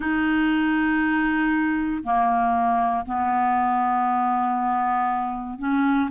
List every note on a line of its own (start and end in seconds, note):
0.00 2.03 D#4
2.03 3.05 A#3
3.05 5.58 B3
5.58 6.09 C#4